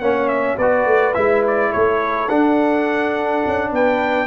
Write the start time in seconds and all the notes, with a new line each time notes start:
0.00 A#3 C#4 C#5 F#5
0.28 E5
0.57 B3 F#4 B4 D5
0.86 A3
1.14 G#3 E4 E5
1.47 D5
1.71 A3 A4 C#5
2.29 D4 F#5
3.46 C#4
3.70 B3 B4 G5